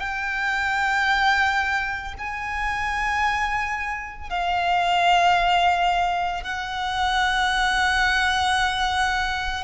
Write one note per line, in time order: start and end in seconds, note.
0.00 2.14 G5
2.18 4.30 G#5
4.30 6.44 F5
6.44 9.64 F#5